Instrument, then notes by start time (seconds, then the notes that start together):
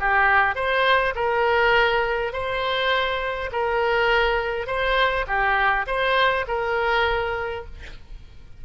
oboe
0.00 G4
0.56 C5
1.16 A#4
2.33 C5
3.52 A#4
4.67 C5
5.28 G4
5.87 C5
6.48 A#4